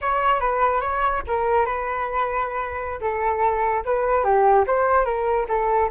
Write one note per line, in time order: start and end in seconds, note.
0.01 0.39 C#5
0.39 0.81 B4
0.81 1.22 C#5
1.27 1.65 A#4
1.65 3.00 B4
3.00 3.83 A4
3.85 4.23 B4
4.23 4.65 G4
4.67 5.04 C5
5.04 5.46 A#4
5.48 5.89 A4